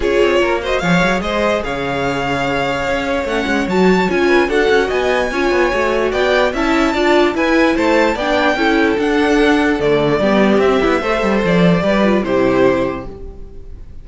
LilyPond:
<<
  \new Staff \with { instrumentName = "violin" } { \time 4/4 \tempo 4 = 147 cis''4. dis''8 f''4 dis''4 | f''1 | fis''4 a''4 gis''4 fis''4 | gis''2. g''4 |
a''2 gis''4 a''4 | g''2 fis''2 | d''2 e''2 | d''2 c''2 | }
  \new Staff \with { instrumentName = "violin" } { \time 4/4 gis'4 ais'8 c''8 cis''4 c''4 | cis''1~ | cis''2~ cis''8 b'8 a'4 | dis''4 cis''2 d''4 |
e''4 d''4 b'4 c''4 | d''4 a'2.~ | a'4 g'2 c''4~ | c''4 b'4 g'2 | }
  \new Staff \with { instrumentName = "viola" } { \time 4/4 f'4. fis'8 gis'2~ | gis'1 | cis'4 fis'4 f'4 fis'4~ | fis'4 f'4 fis'2 |
e'4 f'4 e'2 | d'4 e'4 d'2 | a4 b4 c'8 e'8 a'4~ | a'4 g'8 f'8 e'2 | }
  \new Staff \with { instrumentName = "cello" } { \time 4/4 cis'8 c'8 ais4 f8 fis8 gis4 | cis2. cis'4 | a8 gis8 fis4 cis'4 d'8 cis'8 | b4 cis'8 b8 a4 b4 |
cis'4 d'4 e'4 a4 | b4 cis'4 d'2 | d4 g4 c'8 b8 a8 g8 | f4 g4 c2 | }
>>